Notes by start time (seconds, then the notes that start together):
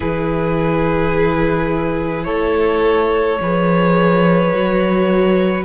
0.00 E3 E4 G#4 B4
2.24 A3 A4 C#5
3.41 F3 G#4 B4
4.52 F#3 F#4